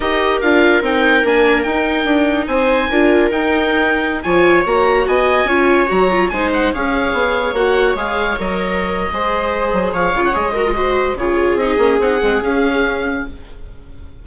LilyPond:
<<
  \new Staff \with { instrumentName = "oboe" } { \time 4/4 \tempo 4 = 145 dis''4 f''4 g''4 gis''4 | g''2 gis''2 | g''2~ g''16 gis''4 ais''8.~ | ais''16 gis''2 ais''4 gis''8 fis''16~ |
fis''16 f''2 fis''4 f''8.~ | f''16 dis''2.~ dis''8. | f''8. fis''16 dis''2 cis''4 | dis''4 fis''4 f''2 | }
  \new Staff \with { instrumentName = "viola" } { \time 4/4 ais'1~ | ais'2 c''4 ais'4~ | ais'2~ ais'16 cis''4.~ cis''16~ | cis''16 dis''4 cis''2 c''8.~ |
c''16 cis''2.~ cis''8.~ | cis''2 c''2 | cis''4. ais'8 c''4 gis'4~ | gis'1 | }
  \new Staff \with { instrumentName = "viola" } { \time 4/4 g'4 f'4 dis'4 d'4 | dis'2. f'4 | dis'2~ dis'16 f'4 fis'8.~ | fis'4~ fis'16 f'4 fis'8 f'8 dis'8.~ |
dis'16 gis'2 fis'4 gis'8.~ | gis'16 ais'4.~ ais'16 gis'2~ | gis'8 f'8 gis'8 fis'16 f'16 fis'4 f'4 | dis'8 cis'8 dis'8 c'8 cis'2 | }
  \new Staff \with { instrumentName = "bassoon" } { \time 4/4 dis'4 d'4 c'4 ais4 | dis'4 d'4 c'4 d'4 | dis'2~ dis'16 f4 ais8.~ | ais16 b4 cis'4 fis4 gis8.~ |
gis16 cis'4 b4 ais4 gis8.~ | gis16 fis4.~ fis16 gis4. fis8 | f8 cis8 gis2 cis4 | c'8 ais8 c'8 gis8 cis'2 | }
>>